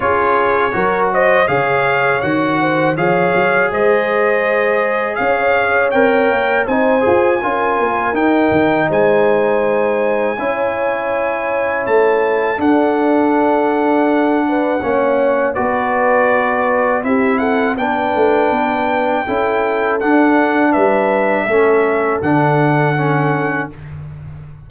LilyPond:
<<
  \new Staff \with { instrumentName = "trumpet" } { \time 4/4 \tempo 4 = 81 cis''4. dis''8 f''4 fis''4 | f''4 dis''2 f''4 | g''4 gis''2 g''4 | gis''1 |
a''4 fis''2.~ | fis''4 d''2 e''8 fis''8 | g''2. fis''4 | e''2 fis''2 | }
  \new Staff \with { instrumentName = "horn" } { \time 4/4 gis'4 ais'8 c''8 cis''4. c''8 | cis''4 c''2 cis''4~ | cis''4 c''4 ais'2 | c''2 cis''2~ |
cis''4 a'2~ a'8 b'8 | cis''4 b'2 g'8 a'8 | b'2 a'2 | b'4 a'2. | }
  \new Staff \with { instrumentName = "trombone" } { \time 4/4 f'4 fis'4 gis'4 fis'4 | gis'1 | ais'4 dis'8 gis'8 f'4 dis'4~ | dis'2 e'2~ |
e'4 d'2. | cis'4 fis'2 e'4 | d'2 e'4 d'4~ | d'4 cis'4 d'4 cis'4 | }
  \new Staff \with { instrumentName = "tuba" } { \time 4/4 cis'4 fis4 cis4 dis4 | f8 fis8 gis2 cis'4 | c'8 ais8 c'8 f'8 cis'8 ais8 dis'8 dis8 | gis2 cis'2 |
a4 d'2. | ais4 b2 c'4 | b8 a8 b4 cis'4 d'4 | g4 a4 d2 | }
>>